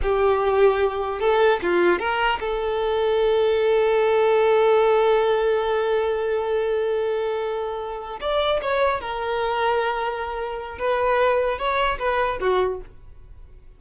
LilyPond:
\new Staff \with { instrumentName = "violin" } { \time 4/4 \tempo 4 = 150 g'2. a'4 | f'4 ais'4 a'2~ | a'1~ | a'1~ |
a'1~ | a'8 d''4 cis''4 ais'4.~ | ais'2. b'4~ | b'4 cis''4 b'4 fis'4 | }